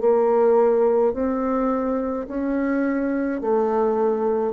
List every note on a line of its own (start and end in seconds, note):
0.00 1.13 A#3
1.14 2.27 C4
2.28 3.41 C#4
3.41 4.53 A3